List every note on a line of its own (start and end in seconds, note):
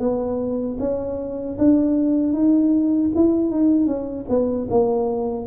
0.00 0.78 B3
0.80 1.58 C#4
1.59 2.33 D4
2.33 3.11 D#4
3.15 3.51 E4
3.51 3.87 D#4
3.87 4.26 C#4
4.29 4.68 B3
4.71 5.47 A#3